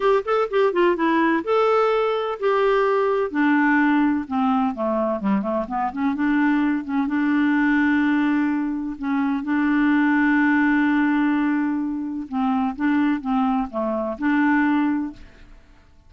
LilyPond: \new Staff \with { instrumentName = "clarinet" } { \time 4/4 \tempo 4 = 127 g'8 a'8 g'8 f'8 e'4 a'4~ | a'4 g'2 d'4~ | d'4 c'4 a4 g8 a8 | b8 cis'8 d'4. cis'8 d'4~ |
d'2. cis'4 | d'1~ | d'2 c'4 d'4 | c'4 a4 d'2 | }